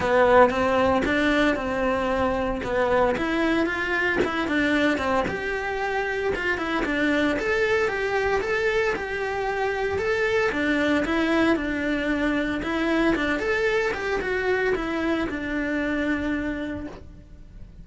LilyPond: \new Staff \with { instrumentName = "cello" } { \time 4/4 \tempo 4 = 114 b4 c'4 d'4 c'4~ | c'4 b4 e'4 f'4 | e'8 d'4 c'8 g'2 | f'8 e'8 d'4 a'4 g'4 |
a'4 g'2 a'4 | d'4 e'4 d'2 | e'4 d'8 a'4 g'8 fis'4 | e'4 d'2. | }